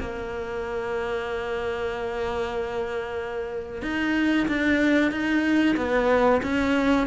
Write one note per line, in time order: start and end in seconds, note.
0.00 3.83 A#3
3.83 4.47 D#4
4.48 5.12 D4
5.12 5.76 D#4
5.77 6.42 B3
6.43 7.07 C#4